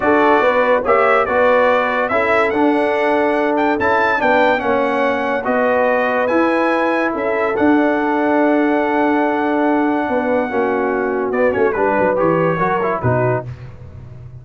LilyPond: <<
  \new Staff \with { instrumentName = "trumpet" } { \time 4/4 \tempo 4 = 143 d''2 e''4 d''4~ | d''4 e''4 fis''2~ | fis''8 g''8 a''4 g''4 fis''4~ | fis''4 dis''2 gis''4~ |
gis''4 e''4 fis''2~ | fis''1~ | fis''2. d''8 cis''8 | b'4 cis''2 b'4 | }
  \new Staff \with { instrumentName = "horn" } { \time 4/4 a'4 b'4 cis''4 b'4~ | b'4 a'2.~ | a'2 b'4 cis''4~ | cis''4 b'2.~ |
b'4 a'2.~ | a'1 | b'4 fis'2. | b'2 ais'4 fis'4 | }
  \new Staff \with { instrumentName = "trombone" } { \time 4/4 fis'2 g'4 fis'4~ | fis'4 e'4 d'2~ | d'4 e'4 d'4 cis'4~ | cis'4 fis'2 e'4~ |
e'2 d'2~ | d'1~ | d'4 cis'2 b8 cis'8 | d'4 g'4 fis'8 e'8 dis'4 | }
  \new Staff \with { instrumentName = "tuba" } { \time 4/4 d'4 b4 ais4 b4~ | b4 cis'4 d'2~ | d'4 cis'4 b4 ais4~ | ais4 b2 e'4~ |
e'4 cis'4 d'2~ | d'1 | b4 ais2 b8 a8 | g8 fis8 e4 fis4 b,4 | }
>>